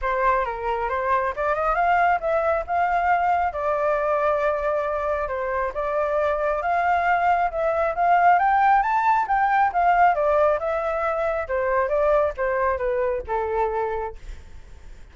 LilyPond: \new Staff \with { instrumentName = "flute" } { \time 4/4 \tempo 4 = 136 c''4 ais'4 c''4 d''8 dis''8 | f''4 e''4 f''2 | d''1 | c''4 d''2 f''4~ |
f''4 e''4 f''4 g''4 | a''4 g''4 f''4 d''4 | e''2 c''4 d''4 | c''4 b'4 a'2 | }